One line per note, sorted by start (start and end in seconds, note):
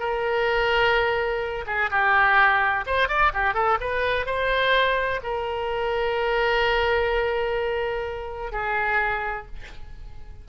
0.00 1.65 A#4
1.67 1.90 G#4
1.90 2.85 G4
2.87 3.09 C5
3.09 3.32 D5
3.34 3.54 G4
3.54 3.78 A4
3.81 4.26 B4
4.26 5.21 C5
5.23 8.52 A#4
8.52 9.46 G#4